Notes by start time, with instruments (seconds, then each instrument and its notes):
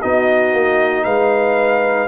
0.00 tuba B3, trombone D#4, horn F#4, trumpet D#5
0.53 tuba A#3
1.04 tuba G#3, horn B4, trumpet F5